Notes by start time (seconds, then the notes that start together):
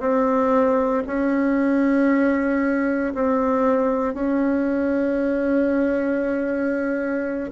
0.00 C4
1.07 C#4
3.15 C4
4.14 C#4